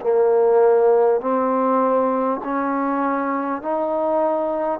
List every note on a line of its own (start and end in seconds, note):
0.00 1.20 A#3
1.20 2.40 C4
2.44 3.62 C#4
3.62 4.79 D#4